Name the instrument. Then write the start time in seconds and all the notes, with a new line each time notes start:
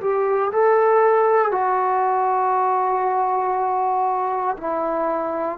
trombone
0.00 G4
0.52 A4
1.51 F#4
4.57 E4